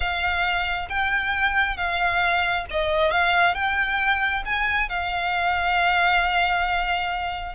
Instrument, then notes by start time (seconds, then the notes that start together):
violin
0.00 F5
0.89 G5
1.76 F5
2.70 D#5
3.11 F5
3.54 G5
4.45 G#5
4.89 F5